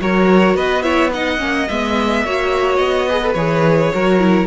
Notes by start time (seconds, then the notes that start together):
0.00 F#3 F#4 A#4 C#5
0.55 B3 B4 D#5
0.82 E4 C#5 E5
1.13 D#4 D#5 F#5
1.38 A#3 C#4
1.68 G#3 B3 E5
2.24 A#3 F#4 C#5
2.75 B3 D#5
3.08 G#4 B4
3.22 A4
3.34 E3 G#4 C#5
3.93 F#3 F#4 A#4
4.19 E4